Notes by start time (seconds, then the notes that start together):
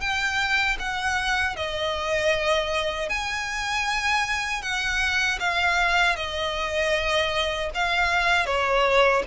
0.00 G5
0.79 F#5
1.56 D#5
3.09 G#5
4.62 F#5
5.39 F5
6.16 D#5
7.74 F5
8.45 C#5